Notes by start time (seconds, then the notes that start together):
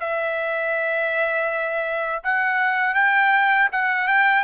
0.00 E5
2.24 F#5
2.95 G5
3.72 F#5
4.08 G5